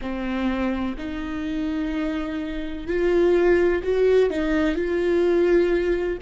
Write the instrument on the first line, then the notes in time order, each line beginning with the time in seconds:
viola
0.01 C4
0.97 D#4
2.87 F4
3.83 F#4
4.29 D#4
4.75 F4